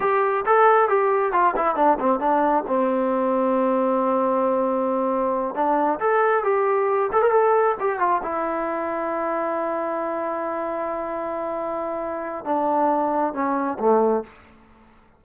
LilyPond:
\new Staff \with { instrumentName = "trombone" } { \time 4/4 \tempo 4 = 135 g'4 a'4 g'4 f'8 e'8 | d'8 c'8 d'4 c'2~ | c'1~ | c'8 d'4 a'4 g'4. |
a'16 ais'16 a'4 g'8 f'8 e'4.~ | e'1~ | e'1 | d'2 cis'4 a4 | }